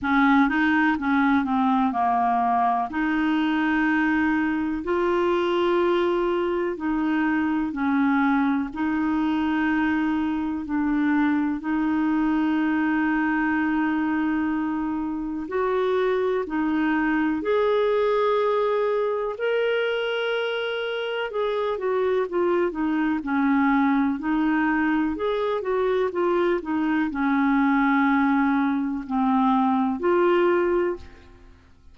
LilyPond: \new Staff \with { instrumentName = "clarinet" } { \time 4/4 \tempo 4 = 62 cis'8 dis'8 cis'8 c'8 ais4 dis'4~ | dis'4 f'2 dis'4 | cis'4 dis'2 d'4 | dis'1 |
fis'4 dis'4 gis'2 | ais'2 gis'8 fis'8 f'8 dis'8 | cis'4 dis'4 gis'8 fis'8 f'8 dis'8 | cis'2 c'4 f'4 | }